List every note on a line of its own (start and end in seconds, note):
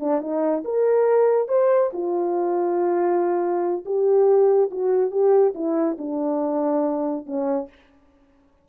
0.00 0.21 D4
0.21 0.64 D#4
0.65 1.48 A#4
1.48 1.91 C5
1.93 3.85 F4
3.85 4.71 G4
4.71 5.11 F#4
5.11 5.54 G4
5.55 5.97 E4
5.99 7.26 D4
7.26 7.69 C#4